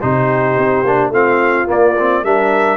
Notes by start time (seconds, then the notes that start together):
0.00 C3 D#4 G4 C5
0.57 C4
0.83 A#3 D4
1.09 A3 C4 F4 F5
1.66 A#3 D5
1.99 C4
2.23 G3 D4 A#4 E5